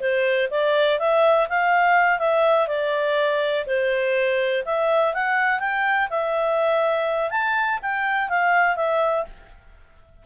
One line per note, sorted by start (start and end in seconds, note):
0.00 0.49 C5
0.50 0.99 D5
0.99 1.48 E5
1.49 2.19 F5
2.19 2.67 E5
2.67 3.65 D5
3.66 4.64 C5
4.65 5.14 E5
5.14 5.59 F#5
5.59 6.08 G5
6.10 7.30 E5
7.30 7.79 A5
7.82 8.29 G5
8.29 8.76 F5
8.76 9.25 E5